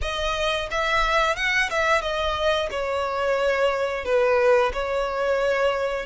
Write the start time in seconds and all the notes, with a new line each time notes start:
0.01 D#5
0.70 E5
1.36 F#5
1.70 E5
2.01 D#5
2.70 C#5
4.04 B4
4.73 C#5